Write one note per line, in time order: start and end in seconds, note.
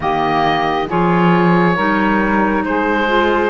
0.00 0.86 D#3
0.00 0.86 A#3
0.00 0.87 G4
0.00 0.89 D#5
0.87 1.77 F3
0.87 1.76 F4
0.87 1.75 G#4
0.87 2.65 C#5
1.75 2.63 G3
1.75 3.07 D#4
1.75 2.63 A#4
2.63 3.50 G#3
2.63 3.50 G#4
2.63 3.50 C5
3.07 3.50 F4